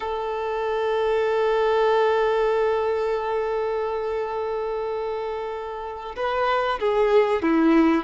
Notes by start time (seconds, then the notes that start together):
0.00 A4
6.16 B4
6.79 G#4
7.42 E4